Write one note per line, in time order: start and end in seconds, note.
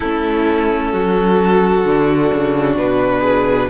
0.00 0.92 A3
0.00 1.85 C#4
0.00 0.92 E4
0.00 2.74 A4
0.92 1.84 F#3
0.92 3.20 F#4
1.84 2.30 D3
1.84 3.69 D4
2.33 2.76 C#3
2.76 3.68 B2
2.76 3.69 B4
3.20 3.66 G#4